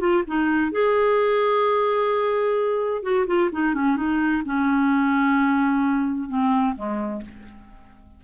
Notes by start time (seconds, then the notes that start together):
0.00 F4
0.27 D#4
0.71 G#4
3.03 F#4
3.27 F4
3.52 D#4
3.74 C#4
3.96 D#4
4.45 C#4
6.29 C4
6.75 G#3